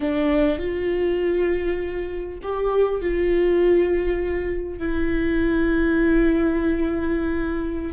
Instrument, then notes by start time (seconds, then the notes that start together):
viola
0.00 D4
0.58 F4
2.42 G4
3.01 F4
4.78 E4